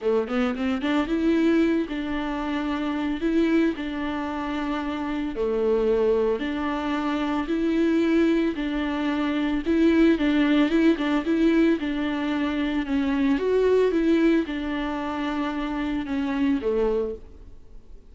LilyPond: \new Staff \with { instrumentName = "viola" } { \time 4/4 \tempo 4 = 112 a8 b8 c'8 d'8 e'4. d'8~ | d'2 e'4 d'4~ | d'2 a2 | d'2 e'2 |
d'2 e'4 d'4 | e'8 d'8 e'4 d'2 | cis'4 fis'4 e'4 d'4~ | d'2 cis'4 a4 | }